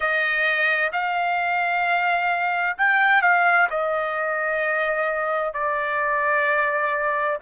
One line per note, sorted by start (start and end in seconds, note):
0.00 0.91 D#5
0.92 2.77 F5
2.77 3.21 G5
3.21 3.68 F5
3.69 5.53 D#5
5.53 7.38 D5